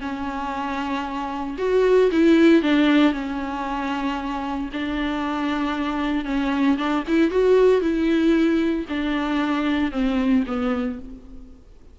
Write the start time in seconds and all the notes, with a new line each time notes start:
0.00 C#4
1.58 F#4
2.11 E4
2.62 D4
3.13 C#4
4.72 D4
6.25 C#4
6.77 D4
7.07 E4
7.30 F#4
7.81 E4
8.88 D4
9.91 C4
10.46 B3